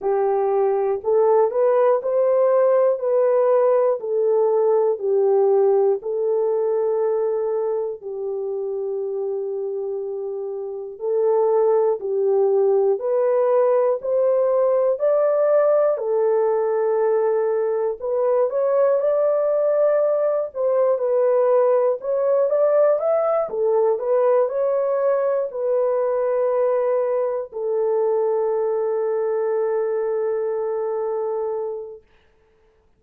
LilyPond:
\new Staff \with { instrumentName = "horn" } { \time 4/4 \tempo 4 = 60 g'4 a'8 b'8 c''4 b'4 | a'4 g'4 a'2 | g'2. a'4 | g'4 b'4 c''4 d''4 |
a'2 b'8 cis''8 d''4~ | d''8 c''8 b'4 cis''8 d''8 e''8 a'8 | b'8 cis''4 b'2 a'8~ | a'1 | }